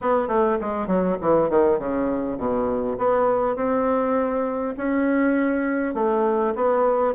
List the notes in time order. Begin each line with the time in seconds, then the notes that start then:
0.01 B3
0.28 A3
0.60 G#3
0.87 F#3
1.21 E3
1.49 D#3
1.78 C#3
2.37 B2
2.97 B3
3.55 C4
4.77 C#4
5.94 A3
6.55 B3